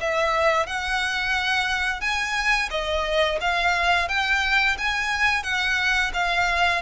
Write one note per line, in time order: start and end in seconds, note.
0.00 0.66 E5
0.66 2.01 F#5
2.01 2.69 G#5
2.70 3.38 D#5
3.41 4.08 F5
4.08 4.76 G5
4.78 5.43 G#5
5.43 6.11 F#5
6.13 6.82 F5